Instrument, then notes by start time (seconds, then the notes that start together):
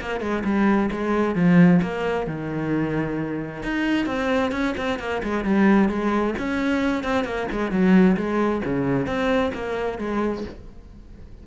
cello
0.00 A#3
0.20 G#3
0.44 G3
0.91 G#3
1.35 F3
1.82 A#3
2.26 D#3
3.62 D#4
4.06 C4
4.51 C#4
4.77 C4
4.99 A#3
5.23 G#3
5.44 G3
5.89 G#3
6.38 C#4
7.04 C4
7.24 A#3
7.51 G#3
7.71 F#3
8.16 G#3
8.64 C#3
9.06 C4
9.54 A#3
9.98 G#3